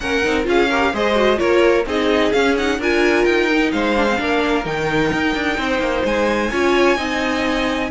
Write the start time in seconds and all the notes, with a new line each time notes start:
0.00 A#3 C#4 A#4 F#5
0.23 C4 D#4
0.44 C#4 F4 G#4 F5
0.69 G4 A#4
0.93 G#3 G#4 C5 D#5
1.14 F#4
1.37 A#3 F4 A#4 C#5
1.85 C4 D#4 G#4 D#5
2.32 C#4 F5
2.57 D#4 F#5
2.78 D4 F4 A#4 G#5
3.24 D#4 G5
3.49 D#4
3.71 G#3 C5 F5
3.95 D4
4.08 C4
4.17 A#3 D4 A#4
4.64 D#3 D#4 G5
5.13 D#4
5.35 D4
5.57 C4 C5
5.79 A#3
6.04 G#3 G#5
6.51 C#4 F4 C#5
6.96 C4 D#4 D#5